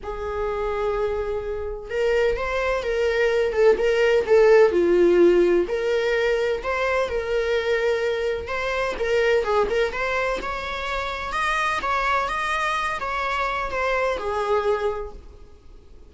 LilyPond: \new Staff \with { instrumentName = "viola" } { \time 4/4 \tempo 4 = 127 gis'1 | ais'4 c''4 ais'4. a'8 | ais'4 a'4 f'2 | ais'2 c''4 ais'4~ |
ais'2 c''4 ais'4 | gis'8 ais'8 c''4 cis''2 | dis''4 cis''4 dis''4. cis''8~ | cis''4 c''4 gis'2 | }